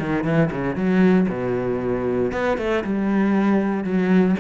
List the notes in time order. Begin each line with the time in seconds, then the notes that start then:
0.00 D#3
0.24 E3
0.52 C#3
0.76 F#3
1.29 B2
2.33 B3
2.58 A3
2.84 G3
3.84 F#3